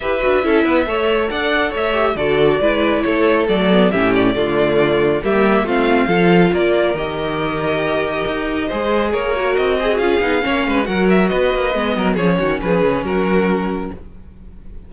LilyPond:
<<
  \new Staff \with { instrumentName = "violin" } { \time 4/4 \tempo 4 = 138 e''2. fis''4 | e''4 d''2 cis''4 | d''4 e''8 d''2~ d''8 | e''4 f''2 d''4 |
dis''1~ | dis''4 cis''4 dis''4 f''4~ | f''4 fis''8 e''8 dis''2 | cis''4 b'4 ais'2 | }
  \new Staff \with { instrumentName = "violin" } { \time 4/4 b'4 a'8 b'8 cis''4 d''4 | cis''4 a'4 b'4 a'4~ | a'4 g'4 f'2 | g'4 f'4 a'4 ais'4~ |
ais'1 | c''4 ais'4. gis'4. | cis''8 b'8 ais'4 b'4. ais'8 | gis'8 fis'8 gis'4 fis'2 | }
  \new Staff \with { instrumentName = "viola" } { \time 4/4 g'8 fis'8 e'4 a'2~ | a'8 g'8 fis'4 e'2 | a8 b8 cis'4 a2 | ais4 c'4 f'2 |
g'1 | gis'4. fis'4 gis'16 fis'16 f'8 dis'8 | cis'4 fis'2 b4 | cis'1 | }
  \new Staff \with { instrumentName = "cello" } { \time 4/4 e'8 d'8 cis'8 b8 a4 d'4 | a4 d4 gis4 a4 | fis4 a,4 d2 | g4 a4 f4 ais4 |
dis2. dis'4 | gis4 ais4 c'4 cis'8 b8 | ais8 gis8 fis4 b8 ais8 gis8 fis8 | f8 dis8 f8 cis8 fis2 | }
>>